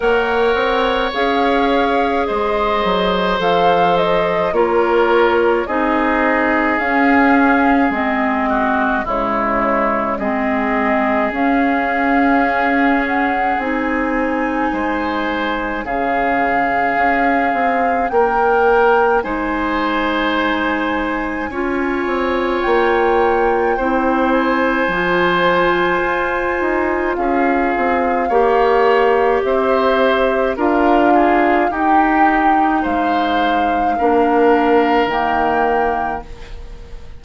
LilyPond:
<<
  \new Staff \with { instrumentName = "flute" } { \time 4/4 \tempo 4 = 53 fis''4 f''4 dis''4 f''8 dis''8 | cis''4 dis''4 f''4 dis''4 | cis''4 dis''4 f''4. fis''8 | gis''2 f''2 |
g''4 gis''2. | g''4. gis''2~ gis''8 | f''2 e''4 f''4 | g''4 f''2 g''4 | }
  \new Staff \with { instrumentName = "oboe" } { \time 4/4 cis''2 c''2 | ais'4 gis'2~ gis'8 fis'8 | e'4 gis'2.~ | gis'4 c''4 gis'2 |
ais'4 c''2 cis''4~ | cis''4 c''2. | gis'4 cis''4 c''4 ais'8 gis'8 | g'4 c''4 ais'2 | }
  \new Staff \with { instrumentName = "clarinet" } { \time 4/4 ais'4 gis'2 a'4 | f'4 dis'4 cis'4 c'4 | gis4 c'4 cis'2 | dis'2 cis'2~ |
cis'4 dis'2 f'4~ | f'4 e'4 f'2~ | f'4 g'2 f'4 | dis'2 d'4 ais4 | }
  \new Staff \with { instrumentName = "bassoon" } { \time 4/4 ais8 c'8 cis'4 gis8 fis8 f4 | ais4 c'4 cis'4 gis4 | cis4 gis4 cis'2 | c'4 gis4 cis4 cis'8 c'8 |
ais4 gis2 cis'8 c'8 | ais4 c'4 f4 f'8 dis'8 | cis'8 c'8 ais4 c'4 d'4 | dis'4 gis4 ais4 dis4 | }
>>